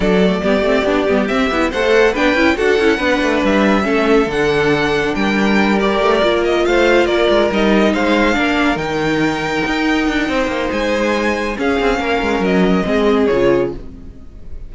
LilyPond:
<<
  \new Staff \with { instrumentName = "violin" } { \time 4/4 \tempo 4 = 140 d''2. e''4 | fis''4 g''4 fis''2 | e''2 fis''2 | g''4. d''4. dis''8 f''8~ |
f''8 d''4 dis''4 f''4.~ | f''8 g''2.~ g''8~ | g''4 gis''2 f''4~ | f''4 dis''2 cis''4 | }
  \new Staff \with { instrumentName = "violin" } { \time 4/4 a'4 g'2. | c''4 b'4 a'4 b'4~ | b'4 a'2. | ais'2.~ ais'8 c''8~ |
c''8 ais'2 c''4 ais'8~ | ais'1 | c''2. gis'4 | ais'2 gis'2 | }
  \new Staff \with { instrumentName = "viola" } { \time 4/4 d'8 a8 b8 c'8 d'8 b8 c'8 e'8 | a'4 d'8 e'8 fis'8 e'8 d'4~ | d'4 cis'4 d'2~ | d'4. g'4 f'4.~ |
f'4. dis'2 d'8~ | d'8 dis'2.~ dis'8~ | dis'2. cis'4~ | cis'2 c'4 f'4 | }
  \new Staff \with { instrumentName = "cello" } { \time 4/4 fis4 g8 a8 b8 g8 c'8 b8 | a4 b8 cis'8 d'8 cis'8 b8 a8 | g4 a4 d2 | g2 a8 ais4 a8~ |
a8 ais8 gis8 g4 gis4 ais8~ | ais8 dis2 dis'4 d'8 | c'8 ais8 gis2 cis'8 c'8 | ais8 gis8 fis4 gis4 cis4 | }
>>